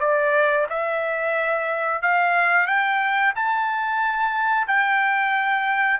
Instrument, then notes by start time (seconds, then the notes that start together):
trumpet
0.00 D5
0.69 E5
2.02 F5
2.67 G5
3.35 A5
4.67 G5